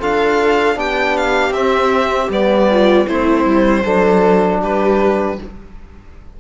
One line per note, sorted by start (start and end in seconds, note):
0.00 0.77 D4
0.00 0.75 F4
0.00 0.77 A4
0.00 0.79 F5
0.75 1.51 B3
0.75 1.52 D4
0.75 2.70 G4
0.75 1.17 G5
1.17 1.53 F5
1.51 2.28 C4
1.51 2.30 C4
1.51 2.30 E5
2.29 3.06 G3
2.29 3.07 B3
2.29 3.07 D5
2.70 3.08 F4
3.07 3.45 A3
3.07 3.85 C4
3.07 3.83 E4
3.07 4.61 C5
3.45 3.84 G3
3.83 4.62 F#3
3.83 5.39 D4
3.83 4.60 A4
4.61 5.39 G3
4.61 5.38 G4
4.61 5.41 B4